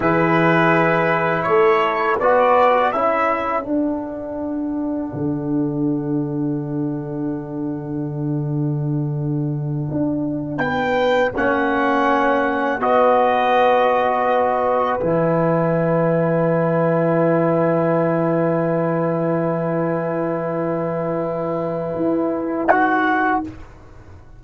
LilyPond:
<<
  \new Staff \with { instrumentName = "trumpet" } { \time 4/4 \tempo 4 = 82 b'2 cis''4 d''4 | e''4 fis''2.~ | fis''1~ | fis''2~ fis''8 g''4 fis''8~ |
fis''4. dis''2~ dis''8~ | dis''8 gis''2.~ gis''8~ | gis''1~ | gis''2. fis''4 | }
  \new Staff \with { instrumentName = "horn" } { \time 4/4 gis'2 a'4 b'4 | a'1~ | a'1~ | a'2~ a'8 b'4 cis''8~ |
cis''4. b'2~ b'8~ | b'1~ | b'1~ | b'1 | }
  \new Staff \with { instrumentName = "trombone" } { \time 4/4 e'2. fis'4 | e'4 d'2.~ | d'1~ | d'2.~ d'8 cis'8~ |
cis'4. fis'2~ fis'8~ | fis'8 e'2.~ e'8~ | e'1~ | e'2. fis'4 | }
  \new Staff \with { instrumentName = "tuba" } { \time 4/4 e2 a4 b4 | cis'4 d'2 d4~ | d1~ | d4. d'4 b4 ais8~ |
ais4. b2~ b8~ | b8 e2.~ e8~ | e1~ | e2 e'4 dis'4 | }
>>